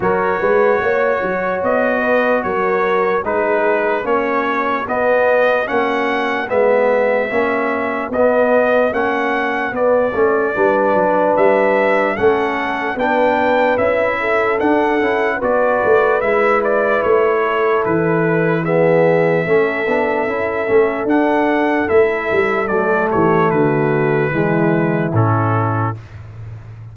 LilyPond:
<<
  \new Staff \with { instrumentName = "trumpet" } { \time 4/4 \tempo 4 = 74 cis''2 dis''4 cis''4 | b'4 cis''4 dis''4 fis''4 | e''2 dis''4 fis''4 | d''2 e''4 fis''4 |
g''4 e''4 fis''4 d''4 | e''8 d''8 cis''4 b'4 e''4~ | e''2 fis''4 e''4 | d''8 cis''8 b'2 a'4 | }
  \new Staff \with { instrumentName = "horn" } { \time 4/4 ais'8 b'8 cis''4. b'8 ais'4 | gis'4 fis'2.~ | fis'1~ | fis'4 b'2 a'4 |
b'4. a'4. b'4~ | b'4. a'4. gis'4 | a'1~ | a'8 g'8 fis'4 e'2 | }
  \new Staff \with { instrumentName = "trombone" } { \time 4/4 fis'1 | dis'4 cis'4 b4 cis'4 | b4 cis'4 b4 cis'4 | b8 cis'8 d'2 cis'4 |
d'4 e'4 d'8 e'8 fis'4 | e'2. b4 | cis'8 d'8 e'8 cis'8 d'4 e'4 | a2 gis4 cis'4 | }
  \new Staff \with { instrumentName = "tuba" } { \time 4/4 fis8 gis8 ais8 fis8 b4 fis4 | gis4 ais4 b4 ais4 | gis4 ais4 b4 ais4 | b8 a8 g8 fis8 g4 a4 |
b4 cis'4 d'8 cis'8 b8 a8 | gis4 a4 e2 | a8 b8 cis'8 a8 d'4 a8 g8 | fis8 e8 d4 e4 a,4 | }
>>